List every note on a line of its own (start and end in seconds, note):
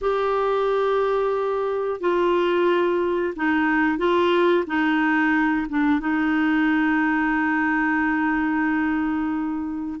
0.01 2.00 G4
2.00 3.33 F4
3.35 3.98 D#4
3.98 4.64 F4
4.67 5.67 D#4
5.69 6.00 D4
6.00 10.00 D#4